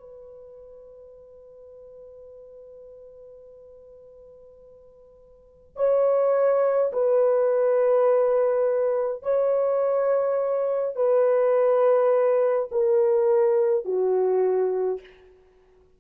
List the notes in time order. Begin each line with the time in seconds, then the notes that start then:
0.00 B4
5.77 C#5
6.93 B4
9.23 C#5
10.96 B4
12.72 A#4
13.85 F#4